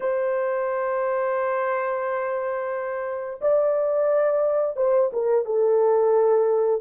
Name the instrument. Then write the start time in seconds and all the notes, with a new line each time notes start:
horn
0.00 C5
3.41 D5
4.76 C5
5.13 A#4
5.45 A4